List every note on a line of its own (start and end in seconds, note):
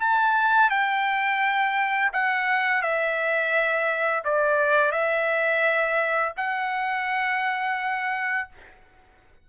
0.00 0.70 A5
0.70 2.11 G5
2.13 2.82 F#5
2.82 4.23 E5
4.24 4.92 D5
4.92 6.33 E5
6.37 8.49 F#5